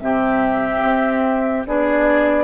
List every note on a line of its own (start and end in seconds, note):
0.00 0.83 C3
0.00 1.65 C4
0.00 1.68 G4
0.00 1.64 E5
0.83 1.65 C4
1.65 2.44 B3
1.65 2.44 D4
1.65 2.44 G#4
1.65 2.44 D5